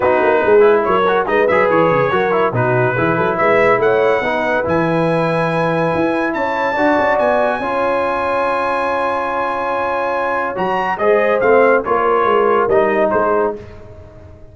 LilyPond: <<
  \new Staff \with { instrumentName = "trumpet" } { \time 4/4 \tempo 4 = 142 b'2 cis''4 dis''8 e''8 | cis''2 b'2 | e''4 fis''2 gis''4~ | gis''2. a''4~ |
a''4 gis''2.~ | gis''1~ | gis''4 ais''4 dis''4 f''4 | cis''2 dis''4 c''4 | }
  \new Staff \with { instrumentName = "horn" } { \time 4/4 fis'4 gis'4 ais'4 b'4~ | b'4 ais'4 fis'4 gis'8 a'8 | b'4 cis''4 b'2~ | b'2. cis''4 |
d''2 cis''2~ | cis''1~ | cis''2 c''2 | ais'2. gis'4 | }
  \new Staff \with { instrumentName = "trombone" } { \time 4/4 dis'4. e'4 fis'8 dis'8 gis'8~ | gis'4 fis'8 e'8 dis'4 e'4~ | e'2 dis'4 e'4~ | e'1 |
fis'2 f'2~ | f'1~ | f'4 fis'4 gis'4 c'4 | f'2 dis'2 | }
  \new Staff \with { instrumentName = "tuba" } { \time 4/4 b8 ais8 gis4 fis4 gis8 fis8 | e8 cis8 fis4 b,4 e8 fis8 | gis4 a4 b4 e4~ | e2 e'4 cis'4 |
d'8 cis'8 b4 cis'2~ | cis'1~ | cis'4 fis4 gis4 a4 | ais4 gis4 g4 gis4 | }
>>